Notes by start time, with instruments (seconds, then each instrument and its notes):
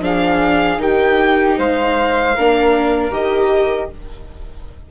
0.00 bassoon F3, viola D4, flute G#4, violin F5
0.77 bassoon D#3, viola D#4, flute G4, violin G5
1.58 bassoon G#3, flute C5, violin F5
2.35 bassoon A#3, viola D4, flute A#4
3.11 bassoon D#3, viola G4, violin D#5